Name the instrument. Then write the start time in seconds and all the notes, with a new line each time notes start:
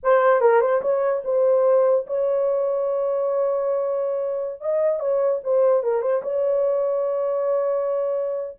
horn
0.03 C5
0.40 A#4
0.60 C5
0.81 C#5
1.24 C5
2.06 C#5
4.60 D#5
4.99 C#5
5.43 C5
5.83 A#4
6.01 C5
6.22 C#5